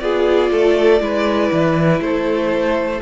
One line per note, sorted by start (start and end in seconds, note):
0.00 0.51 B3
0.00 1.01 F4
0.00 0.53 G#4
0.00 2.00 D5
0.53 1.01 A3
0.53 1.03 A4
1.01 1.51 G#3
1.01 3.01 E4
1.01 2.04 B4
1.53 2.01 E3
2.01 3.01 A3
2.01 3.03 A4
2.01 3.02 C5